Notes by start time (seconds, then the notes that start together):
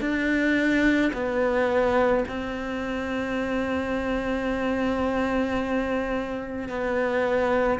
0.00 D4
1.13 B3
2.28 C4
6.68 B3